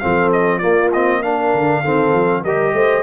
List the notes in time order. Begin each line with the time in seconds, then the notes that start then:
0.00 F3 C4 A4 F5
0.33 D#5
0.59 A#3 F4 D5
0.93 C4 D#5
1.23 D4 A#4 F5
1.54 D3
1.82 D#3 C4 A4
2.14 F3
2.44 G3 G4 A#4 D#5
2.74 A3 C5